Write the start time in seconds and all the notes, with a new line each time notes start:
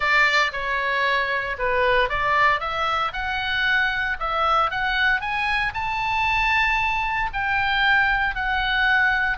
0.00 D5
0.52 C#5
1.58 B4
2.09 D5
2.60 E5
3.12 F#5
4.19 E5
4.70 F#5
5.20 G#5
5.74 A5
7.33 G5
8.35 F#5